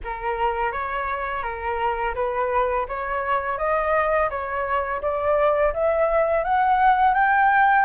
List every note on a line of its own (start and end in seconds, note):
0.04 0.71 A#4
0.71 1.43 C#5
1.43 2.14 A#4
2.15 2.86 B4
2.88 3.57 C#5
3.57 4.29 D#5
4.30 5.01 C#5
5.01 5.73 D5
5.73 6.44 E5
6.44 7.14 F#5
7.14 7.85 G5